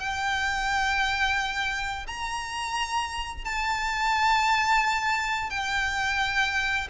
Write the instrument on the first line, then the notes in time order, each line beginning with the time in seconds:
violin
0.00 G5
2.07 A#5
3.45 A5
5.50 G5